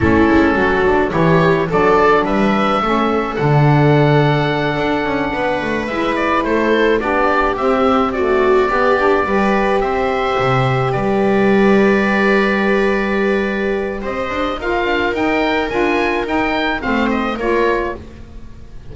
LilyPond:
<<
  \new Staff \with { instrumentName = "oboe" } { \time 4/4 \tempo 4 = 107 a'2 cis''4 d''4 | e''2 fis''2~ | fis''2~ fis''8 e''8 d''8 c''8~ | c''8 d''4 e''4 d''4.~ |
d''4. e''2 d''8~ | d''1~ | d''4 dis''4 f''4 g''4 | gis''4 g''4 f''8 dis''8 cis''4 | }
  \new Staff \with { instrumentName = "viola" } { \time 4/4 e'4 fis'4 g'4 a'4 | b'4 a'2.~ | a'4. b'2 a'8~ | a'8 g'2 fis'4 g'8~ |
g'8 b'4 c''2 b'8~ | b'1~ | b'4 c''4 ais'2~ | ais'2 c''4 ais'4 | }
  \new Staff \with { instrumentName = "saxophone" } { \time 4/4 cis'4. d'8 e'4 d'4~ | d'4 cis'4 d'2~ | d'2~ d'8 e'4.~ | e'8 d'4 c'4 a4 b8 |
d'8 g'2.~ g'8~ | g'1~ | g'2 f'4 dis'4 | f'4 dis'4 c'4 f'4 | }
  \new Staff \with { instrumentName = "double bass" } { \time 4/4 a8 gis8 fis4 e4 fis4 | g4 a4 d2~ | d8 d'8 cis'8 b8 a8 gis4 a8~ | a8 b4 c'2 b8~ |
b8 g4 c'4 c4 g8~ | g1~ | g4 c'8 d'8 dis'8 d'8 dis'4 | d'4 dis'4 a4 ais4 | }
>>